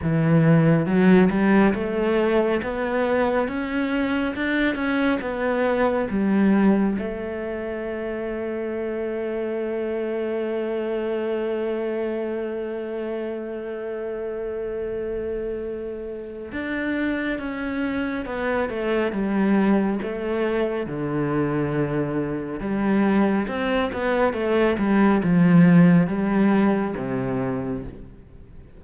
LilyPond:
\new Staff \with { instrumentName = "cello" } { \time 4/4 \tempo 4 = 69 e4 fis8 g8 a4 b4 | cis'4 d'8 cis'8 b4 g4 | a1~ | a1~ |
a2. d'4 | cis'4 b8 a8 g4 a4 | d2 g4 c'8 b8 | a8 g8 f4 g4 c4 | }